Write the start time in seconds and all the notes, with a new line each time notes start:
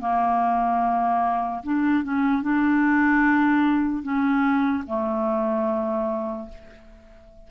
0.00 A#3
1.63 D4
2.03 C#4
2.42 D4
4.02 C#4
4.86 A3